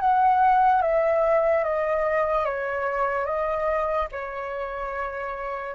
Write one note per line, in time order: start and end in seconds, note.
0.00 0.81 F#5
0.81 1.63 E5
1.63 2.45 D#5
2.45 3.25 C#5
3.25 4.07 D#5
4.12 5.75 C#5